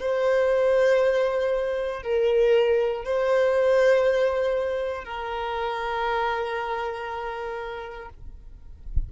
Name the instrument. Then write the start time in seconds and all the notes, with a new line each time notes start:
violin
0.00 C5
2.03 A#4
3.05 C5
5.04 A#4